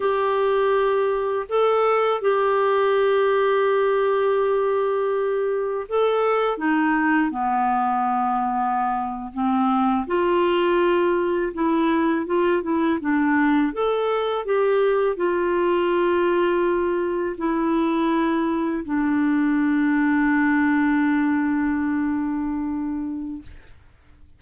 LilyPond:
\new Staff \with { instrumentName = "clarinet" } { \time 4/4 \tempo 4 = 82 g'2 a'4 g'4~ | g'1 | a'4 dis'4 b2~ | b8. c'4 f'2 e'16~ |
e'8. f'8 e'8 d'4 a'4 g'16~ | g'8. f'2. e'16~ | e'4.~ e'16 d'2~ d'16~ | d'1 | }